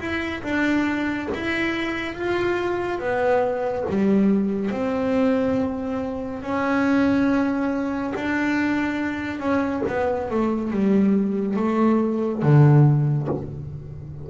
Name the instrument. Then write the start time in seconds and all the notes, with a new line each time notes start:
double bass
0.00 E4
0.44 D4
1.34 E4
2.15 F4
3.00 B3
3.90 G3
4.71 C4
6.43 C#4
8.15 D4
9.40 C#4
9.89 B3
10.31 A3
10.71 G3
11.57 A3
12.43 D3